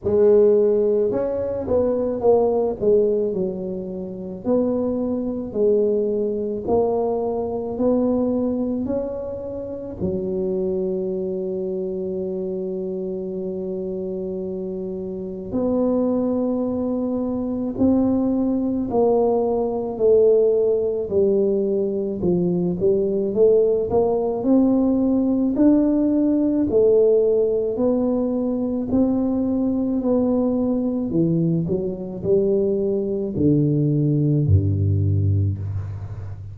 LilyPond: \new Staff \with { instrumentName = "tuba" } { \time 4/4 \tempo 4 = 54 gis4 cis'8 b8 ais8 gis8 fis4 | b4 gis4 ais4 b4 | cis'4 fis2.~ | fis2 b2 |
c'4 ais4 a4 g4 | f8 g8 a8 ais8 c'4 d'4 | a4 b4 c'4 b4 | e8 fis8 g4 d4 g,4 | }